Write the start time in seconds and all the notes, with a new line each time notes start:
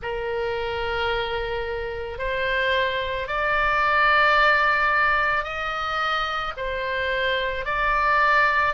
0.02 A#4
2.18 C5
3.27 D5
5.43 D#5
6.57 C5
7.65 D5